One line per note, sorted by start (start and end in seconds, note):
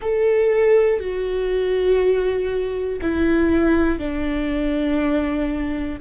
0.01 1.00 A4
1.00 3.00 F#4
3.01 3.98 E4
3.98 5.98 D4